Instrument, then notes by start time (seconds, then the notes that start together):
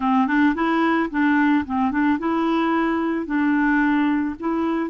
clarinet
0.00 C4
0.27 D4
0.55 E4
1.10 D4
1.65 C4
1.91 D4
2.18 E4
3.26 D4
4.39 E4